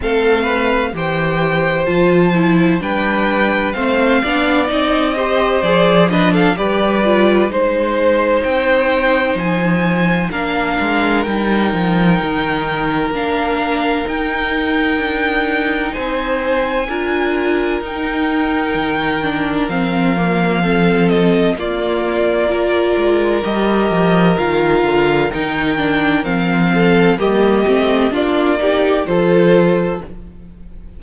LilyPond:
<<
  \new Staff \with { instrumentName = "violin" } { \time 4/4 \tempo 4 = 64 f''4 g''4 a''4 g''4 | f''4 dis''4 d''8 dis''16 f''16 d''4 | c''4 g''4 gis''4 f''4 | g''2 f''4 g''4~ |
g''4 gis''2 g''4~ | g''4 f''4. dis''8 d''4~ | d''4 dis''4 f''4 g''4 | f''4 dis''4 d''4 c''4 | }
  \new Staff \with { instrumentName = "violin" } { \time 4/4 a'8 b'8 c''2 b'4 | c''8 d''4 c''4 b'16 a'16 b'4 | c''2. ais'4~ | ais'1~ |
ais'4 c''4 ais'2~ | ais'2 a'4 f'4 | ais'1~ | ais'8 a'8 g'4 f'8 g'8 a'4 | }
  \new Staff \with { instrumentName = "viola" } { \time 4/4 c'4 g'4 f'8 e'8 d'4 | c'8 d'8 dis'8 g'8 gis'8 d'8 g'8 f'8 | dis'2. d'4 | dis'2 d'4 dis'4~ |
dis'2 f'4 dis'4~ | dis'8 d'8 c'8 ais8 c'4 ais4 | f'4 g'4 f'4 dis'8 d'8 | c'4 ais8 c'8 d'8 dis'8 f'4 | }
  \new Staff \with { instrumentName = "cello" } { \time 4/4 a4 e4 f4 g4 | a8 b8 c'4 f4 g4 | gis4 c'4 f4 ais8 gis8 | g8 f8 dis4 ais4 dis'4 |
d'4 c'4 d'4 dis'4 | dis4 f2 ais4~ | ais8 gis8 g8 f8 dis8 d8 dis4 | f4 g8 a8 ais4 f4 | }
>>